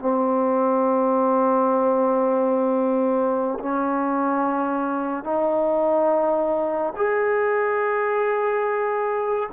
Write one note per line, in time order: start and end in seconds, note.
0.00 3.59 C4
3.60 5.24 C#4
5.24 6.93 D#4
6.96 9.50 G#4